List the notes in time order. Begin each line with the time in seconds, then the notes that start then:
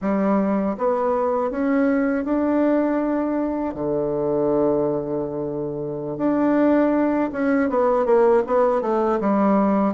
0.01 G3
0.77 B3
1.50 C#4
2.24 D4
3.74 D3
6.17 D4
7.32 C#4
7.69 B3
8.05 A#3
8.46 B3
8.81 A3
9.20 G3